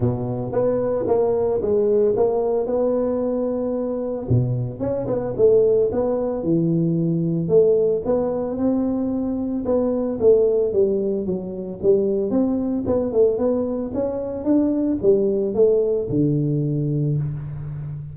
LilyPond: \new Staff \with { instrumentName = "tuba" } { \time 4/4 \tempo 4 = 112 b,4 b4 ais4 gis4 | ais4 b2. | b,4 cis'8 b8 a4 b4 | e2 a4 b4 |
c'2 b4 a4 | g4 fis4 g4 c'4 | b8 a8 b4 cis'4 d'4 | g4 a4 d2 | }